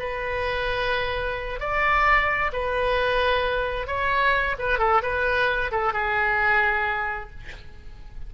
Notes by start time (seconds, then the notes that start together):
0.00 B4
1.60 D5
2.53 B4
3.88 C#5
4.59 B4
4.79 A4
5.03 B4
5.72 A4
5.93 G#4